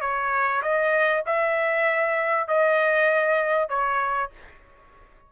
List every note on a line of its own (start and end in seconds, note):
0.00 0.61 C#5
0.62 1.23 D#5
1.26 2.47 E5
2.47 3.69 D#5
3.69 4.30 C#5